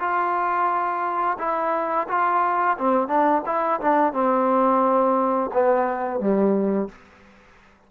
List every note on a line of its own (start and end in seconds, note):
0.00 1.38 F4
1.39 2.08 E4
2.08 2.77 F4
2.78 3.08 C4
3.08 3.42 D4
3.46 3.80 E4
3.81 4.13 D4
4.13 5.51 C4
5.54 6.20 B3
6.20 6.89 G3